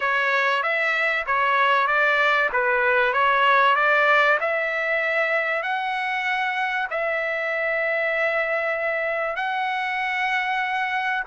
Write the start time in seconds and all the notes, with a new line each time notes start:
0.00 C#5
0.62 E5
1.26 C#5
1.87 D5
2.52 B4
3.13 C#5
3.75 D5
4.40 E5
5.62 F#5
6.90 E5
9.36 F#5